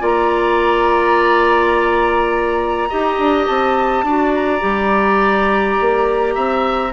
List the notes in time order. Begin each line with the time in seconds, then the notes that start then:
0.00 A#3 F4 D5 A#5
2.89 D#4 G4 D#5
3.18 D4
3.47 C4 A5
4.04 D4 F#4 D5
4.34 A#5
4.60 G3 G4
5.80 A#3
6.35 C4 E5